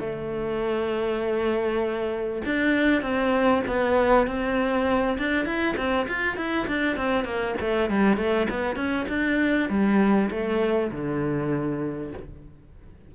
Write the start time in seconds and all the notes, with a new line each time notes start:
0.00 A3
2.46 D4
3.02 C4
3.67 B3
4.27 C4
5.18 D4
5.46 E4
5.77 C4
6.09 F4
6.37 E4
6.68 D4
6.97 C4
7.25 A#3
7.61 A3
7.90 G3
8.18 A3
8.50 B3
8.76 C#4
9.09 D4
9.70 G3
10.31 A3
10.92 D3